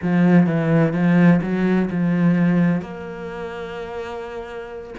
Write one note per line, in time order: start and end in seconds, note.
0.02 0.46 F3
0.46 0.93 E3
0.93 1.40 F3
1.42 1.89 F#3
1.90 2.81 F3
2.81 4.94 A#3